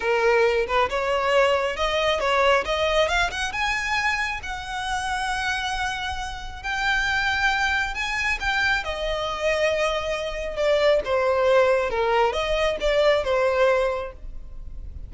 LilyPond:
\new Staff \with { instrumentName = "violin" } { \time 4/4 \tempo 4 = 136 ais'4. b'8 cis''2 | dis''4 cis''4 dis''4 f''8 fis''8 | gis''2 fis''2~ | fis''2. g''4~ |
g''2 gis''4 g''4 | dis''1 | d''4 c''2 ais'4 | dis''4 d''4 c''2 | }